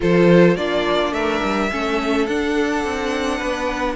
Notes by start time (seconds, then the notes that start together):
0.00 F3 F4 A4 C5
0.55 A#3 D4 F4 D5
1.12 A3 A#4 E5
1.43 G3
1.71 A3 C#4 A4
2.26 D4 F#5
2.83 C4
3.37 B3 B4